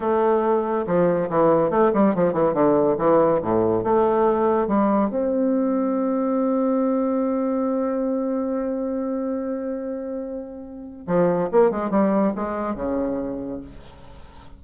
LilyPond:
\new Staff \with { instrumentName = "bassoon" } { \time 4/4 \tempo 4 = 141 a2 f4 e4 | a8 g8 f8 e8 d4 e4 | a,4 a2 g4 | c'1~ |
c'1~ | c'1~ | c'2 f4 ais8 gis8 | g4 gis4 cis2 | }